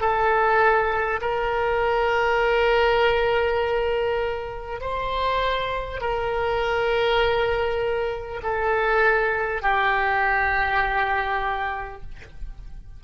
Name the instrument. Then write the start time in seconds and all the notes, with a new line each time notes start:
oboe
0.00 A4
1.21 A#4
4.81 C5
6.01 A#4
8.42 A4
9.62 G4